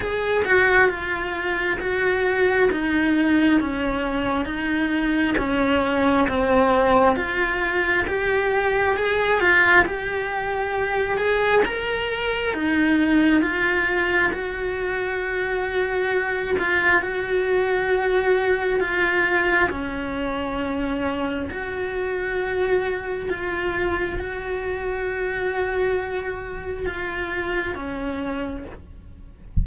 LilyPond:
\new Staff \with { instrumentName = "cello" } { \time 4/4 \tempo 4 = 67 gis'8 fis'8 f'4 fis'4 dis'4 | cis'4 dis'4 cis'4 c'4 | f'4 g'4 gis'8 f'8 g'4~ | g'8 gis'8 ais'4 dis'4 f'4 |
fis'2~ fis'8 f'8 fis'4~ | fis'4 f'4 cis'2 | fis'2 f'4 fis'4~ | fis'2 f'4 cis'4 | }